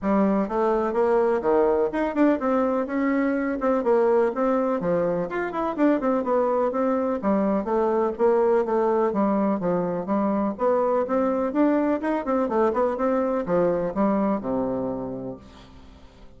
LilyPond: \new Staff \with { instrumentName = "bassoon" } { \time 4/4 \tempo 4 = 125 g4 a4 ais4 dis4 | dis'8 d'8 c'4 cis'4. c'8 | ais4 c'4 f4 f'8 e'8 | d'8 c'8 b4 c'4 g4 |
a4 ais4 a4 g4 | f4 g4 b4 c'4 | d'4 dis'8 c'8 a8 b8 c'4 | f4 g4 c2 | }